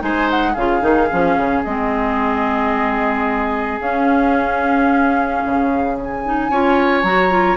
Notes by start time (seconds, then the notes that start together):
0.00 G#3 D#4 C5 G#5
0.30 F#5
0.53 C#3 F4 G#4 F5
0.81 D#3 D#4
1.11 F3 C#4
1.37 C#3
1.64 G#3 C4 D#5
3.80 C#4 F5
5.46 C#3
6.00 G#5
6.25 D#4
6.50 C#4 F4 C#5
7.03 F#3 F#4 A#5
7.30 F4